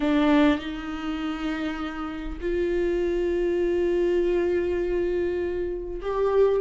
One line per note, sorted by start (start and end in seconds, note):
0.00 0.58 D4
0.58 2.38 D#4
2.41 6.01 F4
6.01 6.61 G4